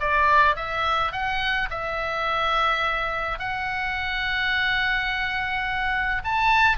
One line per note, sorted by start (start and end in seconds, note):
0.00 0.56 D5
0.56 1.12 E5
1.12 1.69 F#5
1.70 3.39 E5
3.39 6.22 F#5
6.24 6.77 A5